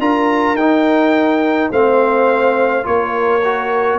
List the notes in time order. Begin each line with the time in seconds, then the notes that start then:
0.00 D4 F4 A#4 A#5
0.55 D#4 G5
1.71 A3 C4 C5 F5
2.84 A#3 F4 A#4 C#5
3.45 F#4